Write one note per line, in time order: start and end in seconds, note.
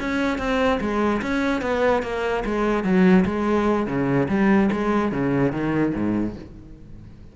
0.00 0.39 C#4
0.39 0.80 C4
0.81 1.22 G#3
1.22 1.62 C#4
1.62 2.03 B3
2.03 2.44 A#3
2.45 2.84 G#3
2.84 3.25 F#3
3.26 3.87 G#3
3.87 4.28 C#3
4.29 4.70 G3
4.72 5.12 G#3
5.12 5.52 C#3
5.52 5.93 D#3
5.95 6.36 G#2